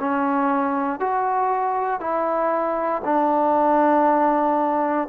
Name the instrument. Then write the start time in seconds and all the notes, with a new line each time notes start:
trombone
0.00 C#4
1.00 F#4
2.01 E4
3.05 D4